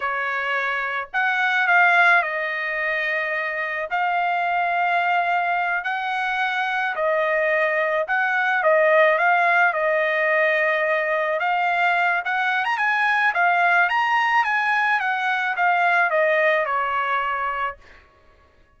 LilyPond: \new Staff \with { instrumentName = "trumpet" } { \time 4/4 \tempo 4 = 108 cis''2 fis''4 f''4 | dis''2. f''4~ | f''2~ f''8 fis''4.~ | fis''8 dis''2 fis''4 dis''8~ |
dis''8 f''4 dis''2~ dis''8~ | dis''8 f''4. fis''8. ais''16 gis''4 | f''4 ais''4 gis''4 fis''4 | f''4 dis''4 cis''2 | }